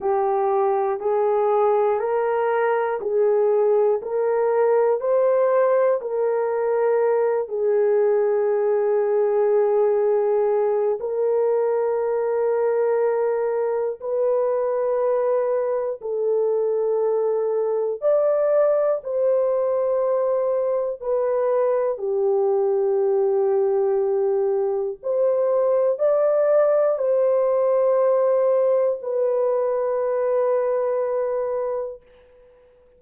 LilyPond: \new Staff \with { instrumentName = "horn" } { \time 4/4 \tempo 4 = 60 g'4 gis'4 ais'4 gis'4 | ais'4 c''4 ais'4. gis'8~ | gis'2. ais'4~ | ais'2 b'2 |
a'2 d''4 c''4~ | c''4 b'4 g'2~ | g'4 c''4 d''4 c''4~ | c''4 b'2. | }